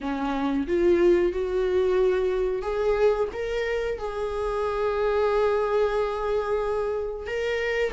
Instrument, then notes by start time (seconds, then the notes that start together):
viola
0.00 C#4
0.67 F4
1.32 F#4
2.62 G#4
3.32 A#4
3.98 G#4
7.26 A#4